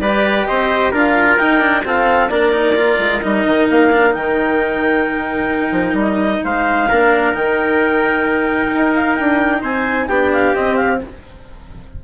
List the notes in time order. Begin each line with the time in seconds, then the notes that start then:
0.00 G3 G4 B4 D5
0.46 C4 C5 D#5
0.92 D4 F4 A#4 F5
1.37 D#4 G5
1.60 D4
1.85 C4 F4 A4 F5
2.30 A#3 D4 A#4 D5
2.52 D#4
2.76 F4
2.99 G#3
3.22 G3 D#4 D#5
3.46 D#3
3.70 A#3 F5
3.92 D4
4.11 D#3 D#4 G5
5.72 F3
5.94 G3
6.01 D#5
6.44 G#3 C5 F5
6.89 A#3 D4 A#4
7.34 D#3 D#4 G5
8.73 D#4
8.95 F5
9.16 D4 G5
9.62 C4 C5 G#5
10.08 B3 D4 G4 G5
10.33 F5
10.55 C4 D#5
10.76 F5